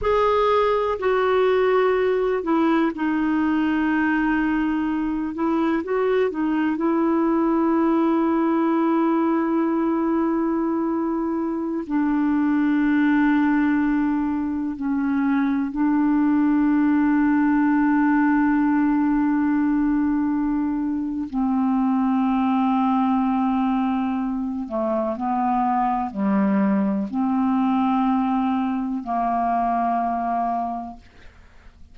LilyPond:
\new Staff \with { instrumentName = "clarinet" } { \time 4/4 \tempo 4 = 62 gis'4 fis'4. e'8 dis'4~ | dis'4. e'8 fis'8 dis'8 e'4~ | e'1~ | e'16 d'2. cis'8.~ |
cis'16 d'2.~ d'8.~ | d'2 c'2~ | c'4. a8 b4 g4 | c'2 ais2 | }